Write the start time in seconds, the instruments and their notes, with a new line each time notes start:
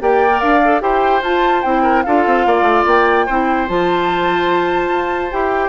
0.00 bassoon A#3, clarinet G4, oboe D5, flute G5
0.29 clarinet A#4
0.40 bassoon D4, flute F5
0.65 clarinet A4
0.81 bassoon E4, clarinet G4, oboe C5, flute G5
1.22 bassoon F4, clarinet F4, flute A5
1.62 bassoon C4, clarinet E4, flute G5
1.83 oboe A#4
2.03 bassoon D4, clarinet F4, oboe A4, flute F5
2.26 bassoon C4
2.46 bassoon A#3, oboe D5
2.62 bassoon A3
2.86 bassoon A#3, flute G5
3.26 bassoon C4, clarinet E4, oboe C5
3.68 bassoon F3, clarinet F4, flute A5
4.89 bassoon F4
5.31 bassoon E4, clarinet G4, flute G5